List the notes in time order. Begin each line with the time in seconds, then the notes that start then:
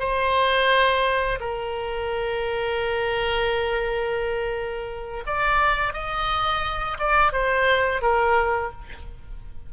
0.00 C5
1.40 A#4
5.27 D5
5.93 D#5
6.99 D5
7.33 C5
8.02 A#4